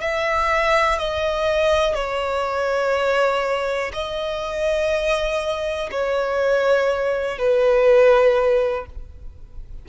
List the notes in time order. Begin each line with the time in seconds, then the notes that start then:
0.00 E5
0.98 D#5
1.94 C#5
3.93 D#5
5.91 C#5
7.38 B4